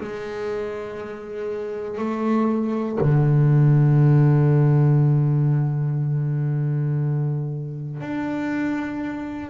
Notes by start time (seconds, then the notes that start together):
0.00 G#3
1.98 A3
3.00 D3
8.00 D4